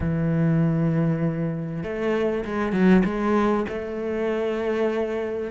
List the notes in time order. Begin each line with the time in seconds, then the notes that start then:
0.00 E3
1.83 A3
2.44 G#3
2.72 F#3
3.04 G#3
3.68 A3